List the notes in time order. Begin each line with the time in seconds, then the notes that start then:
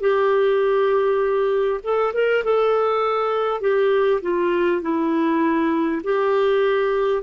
0.00 G4
1.83 A4
2.13 A#4
2.44 A4
3.61 G4
4.22 F4
4.82 E4
6.03 G4